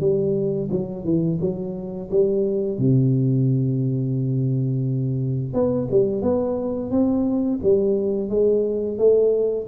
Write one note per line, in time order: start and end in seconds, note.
0.00 0.69 G3
0.71 1.04 F#3
1.04 1.39 E3
1.41 2.10 F#3
2.11 2.78 G3
2.78 5.53 C3
5.53 5.88 B3
5.91 6.22 G3
6.22 6.91 B3
6.91 7.60 C4
7.63 8.29 G3
8.29 8.98 G#3
8.98 9.67 A3